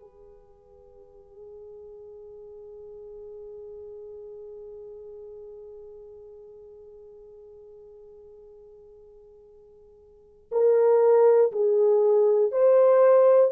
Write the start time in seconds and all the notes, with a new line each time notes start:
0.00 G#4
10.51 A#4
11.52 G#4
12.51 C5